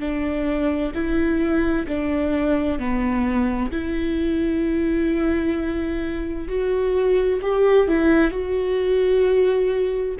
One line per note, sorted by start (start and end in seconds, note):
0.00 0.92 D4
0.95 1.87 E4
1.88 2.79 D4
2.79 3.71 B3
3.72 6.48 E4
6.48 7.41 F#4
7.42 7.88 G4
7.88 8.32 E4
8.32 10.16 F#4